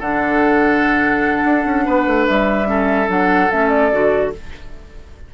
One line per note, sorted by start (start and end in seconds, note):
0.00 1.44 D3
0.00 2.66 D4
0.00 1.85 A4
0.00 2.27 F#5
1.45 1.66 D4
1.66 1.86 C#4
1.86 2.07 B3
1.86 2.68 B4
2.07 2.28 A3
2.27 3.09 G3
2.27 3.09 E5
2.66 3.07 C#4
2.66 4.34 A4
3.08 3.50 F#3
3.08 3.49 D4
3.08 3.52 F#5
3.52 3.93 A3
3.52 3.92 C#4
3.52 3.69 E5
3.69 4.31 D5
3.92 4.34 D3
3.92 4.33 F#4